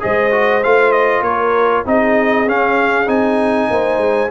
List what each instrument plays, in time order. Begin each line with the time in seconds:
0.00 tuba G#3, trombone G#4, horn C5, trumpet D#5
0.31 trombone F#4
0.63 tuba A3, trombone F4, trumpet F5
0.91 trumpet D#5
1.21 tuba A#3, horn A#4, trumpet C#5
1.85 tuba C4, trombone D#4, horn G#4, trumpet D#5
2.46 tuba C#4, trombone C#4, trumpet F5
3.06 tuba C4, trombone D#4, trumpet G#5
3.70 tuba A#3, horn C5
3.97 tuba G#3